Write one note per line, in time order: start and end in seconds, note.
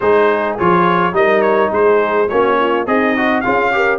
0.00 0.58 G#3
0.00 0.58 D#4
0.00 1.15 G#4
0.00 0.57 C5
0.58 1.12 F3
0.58 1.12 F4
0.58 1.15 C#5
1.12 1.69 G3
1.12 2.27 D#4
1.12 1.70 A#4
1.12 1.41 D#5
1.41 1.70 C#5
1.70 2.29 G#3
1.70 2.27 G#4
1.70 2.28 C5
2.28 2.86 A#3
2.28 2.86 C#4
2.28 2.58 F#4
2.28 2.86 C#5
2.59 2.87 F4
2.86 3.43 C4
2.86 3.43 D#4
2.86 3.14 G#4
2.86 3.40 D#5
3.16 3.44 F#4
3.40 3.99 C#4
3.40 3.72 F4
3.40 3.72 G#4
3.40 3.97 F5
3.72 3.99 G4
3.72 3.99 A#4